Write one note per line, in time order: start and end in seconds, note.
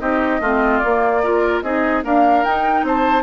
0.00 0.41 C4
0.00 0.41 D#4
0.00 0.41 G4
0.00 0.79 D#5
0.41 0.81 A3
0.41 0.84 C4
0.41 1.22 F4
0.79 1.24 A#3
0.79 1.63 A#3
0.79 1.60 D5
1.23 1.64 F4
1.23 1.64 A#4
1.62 2.04 C4
1.62 2.03 D#4
1.62 2.05 G#4
1.62 2.03 D#5
2.03 2.43 A#3
2.03 2.46 D4
2.03 2.86 A#4
2.03 2.45 F5
2.43 3.23 D#4
2.43 2.84 D#4
2.43 2.85 G5
2.84 3.23 C4
2.84 3.23 C5
2.84 3.23 A5